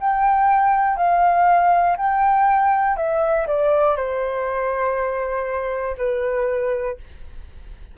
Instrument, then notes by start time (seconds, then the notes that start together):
flute
0.00 G5
0.96 F5
1.97 G5
2.97 E5
3.47 D5
3.96 C5
5.97 B4